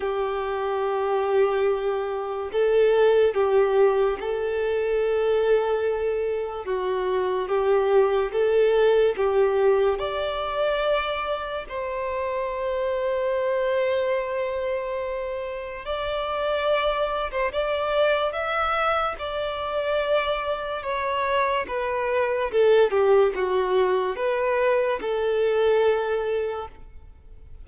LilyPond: \new Staff \with { instrumentName = "violin" } { \time 4/4 \tempo 4 = 72 g'2. a'4 | g'4 a'2. | fis'4 g'4 a'4 g'4 | d''2 c''2~ |
c''2. d''4~ | d''8. c''16 d''4 e''4 d''4~ | d''4 cis''4 b'4 a'8 g'8 | fis'4 b'4 a'2 | }